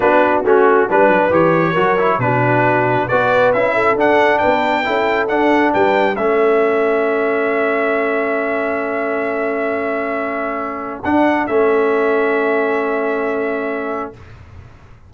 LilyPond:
<<
  \new Staff \with { instrumentName = "trumpet" } { \time 4/4 \tempo 4 = 136 b'4 fis'4 b'4 cis''4~ | cis''4 b'2 d''4 | e''4 fis''4 g''2 | fis''4 g''4 e''2~ |
e''1~ | e''1~ | e''4 fis''4 e''2~ | e''1 | }
  \new Staff \with { instrumentName = "horn" } { \time 4/4 fis'2 b'2 | ais'4 fis'2 b'4~ | b'8 a'4. b'4 a'4~ | a'4 b'4 a'2~ |
a'1~ | a'1~ | a'1~ | a'1 | }
  \new Staff \with { instrumentName = "trombone" } { \time 4/4 d'4 cis'4 d'4 g'4 | fis'8 e'8 d'2 fis'4 | e'4 d'2 e'4 | d'2 cis'2~ |
cis'1~ | cis'1~ | cis'4 d'4 cis'2~ | cis'1 | }
  \new Staff \with { instrumentName = "tuba" } { \time 4/4 b4 a4 g8 fis8 e4 | fis4 b,2 b4 | cis'4 d'4 b4 cis'4 | d'4 g4 a2~ |
a1~ | a1~ | a4 d'4 a2~ | a1 | }
>>